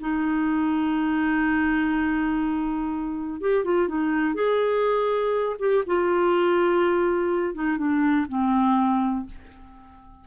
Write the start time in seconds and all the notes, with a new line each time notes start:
0.00 D#4
3.41 G4
3.64 F4
3.88 D#4
4.34 G#4
5.59 G4
5.86 F4
7.54 D#4
7.77 D4
8.28 C4